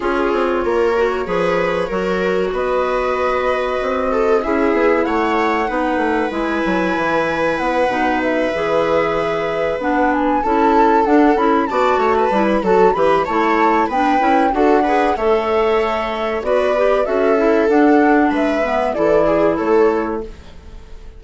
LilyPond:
<<
  \new Staff \with { instrumentName = "flute" } { \time 4/4 \tempo 4 = 95 cis''1 | dis''2. e''4 | fis''2 gis''2 | fis''4 e''2~ e''8 fis''8 |
gis''8 a''4 fis''8 b''8 a''4~ a''16 b''16 | a''8 b''8 a''4 g''4 fis''4 | e''2 d''4 e''4 | fis''4 e''4 d''4 cis''4 | }
  \new Staff \with { instrumentName = "viola" } { \time 4/4 gis'4 ais'4 b'4 ais'4 | b'2~ b'8 a'8 gis'4 | cis''4 b'2.~ | b'1~ |
b'8 a'2 d''8 cis''16 b'8. | a'8 b'8 cis''4 b'4 a'8 b'8 | cis''2 b'4 a'4~ | a'4 b'4 a'8 gis'8 a'4 | }
  \new Staff \with { instrumentName = "clarinet" } { \time 4/4 f'4. fis'8 gis'4 fis'4~ | fis'2. e'4~ | e'4 dis'4 e'2~ | e'8 dis'4 gis'2 d'8~ |
d'8 e'4 d'8 e'8 fis'4 e'8 | fis'8 g'8 e'4 d'8 e'8 fis'8 gis'8 | a'2 fis'8 g'8 fis'8 e'8 | d'4. b8 e'2 | }
  \new Staff \with { instrumentName = "bassoon" } { \time 4/4 cis'8 c'8 ais4 f4 fis4 | b2 c'4 cis'8 b8 | a4 b8 a8 gis8 fis8 e4 | b8 b,4 e2 b8~ |
b8 cis'4 d'8 cis'8 b8 a8 g8 | fis8 e8 a4 b8 cis'8 d'4 | a2 b4 cis'4 | d'4 gis4 e4 a4 | }
>>